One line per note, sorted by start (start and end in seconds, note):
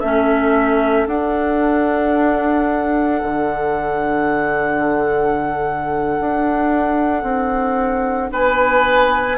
0.00 1.07 A3
0.00 1.08 C#4
0.00 8.30 A4
0.00 1.07 E5
1.07 3.22 D4
1.07 9.38 D4
1.07 8.31 F#5
3.24 6.18 D3
6.21 7.24 D4
7.24 8.31 C4
8.32 9.38 B3
8.32 9.38 B4
8.32 9.38 G#5